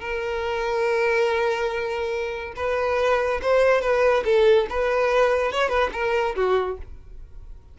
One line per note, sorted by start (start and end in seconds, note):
0.00 2.54 A#4
2.56 3.40 B4
3.42 3.81 C5
3.81 4.23 B4
4.25 4.67 A4
4.69 5.52 B4
5.52 5.69 C#5
5.69 5.90 B4
5.93 6.35 A#4
6.35 6.78 F#4